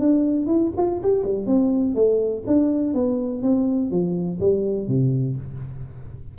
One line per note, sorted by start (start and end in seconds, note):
0.00 0.47 D4
0.47 0.71 E4
0.78 1.02 F4
1.03 1.24 G4
1.24 1.47 G3
1.47 1.95 C4
1.95 2.44 A3
2.47 2.94 D4
2.94 3.43 B3
3.43 3.91 C4
3.91 4.40 F3
4.40 4.88 G3
4.88 5.37 C3